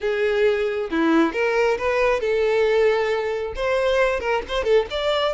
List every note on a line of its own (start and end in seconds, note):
0.01 0.89 G#4
0.90 1.33 E4
1.33 1.77 A#4
1.78 2.20 B4
2.20 3.53 A4
3.55 4.19 C5
4.19 4.42 A#4
4.48 4.63 C5
4.63 4.86 A4
4.90 5.34 D5